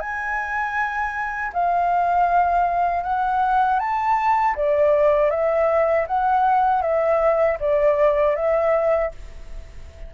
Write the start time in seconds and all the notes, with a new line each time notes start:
0.00 G#5
1.53 F5
3.04 F#5
3.80 A5
4.56 D5
5.31 E5
6.08 F#5
6.82 E5
7.60 D5
8.36 E5